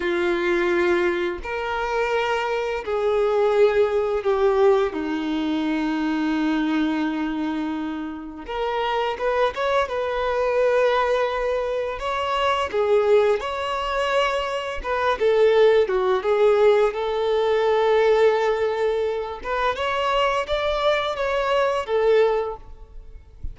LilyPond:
\new Staff \with { instrumentName = "violin" } { \time 4/4 \tempo 4 = 85 f'2 ais'2 | gis'2 g'4 dis'4~ | dis'1 | ais'4 b'8 cis''8 b'2~ |
b'4 cis''4 gis'4 cis''4~ | cis''4 b'8 a'4 fis'8 gis'4 | a'2.~ a'8 b'8 | cis''4 d''4 cis''4 a'4 | }